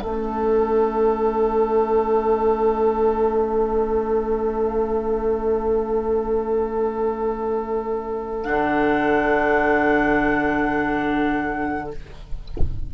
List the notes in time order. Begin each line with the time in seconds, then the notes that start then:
0.00 A3 C#4 A4 E5
8.43 D3 D4 F#5